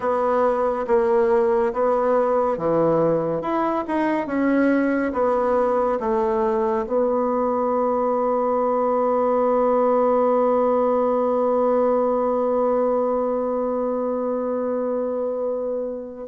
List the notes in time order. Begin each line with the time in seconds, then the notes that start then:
0.00 B3
0.86 A#3
1.73 B3
2.57 E3
3.41 E4
3.87 D#4
4.26 C#4
5.12 B3
6.00 A3
6.86 B3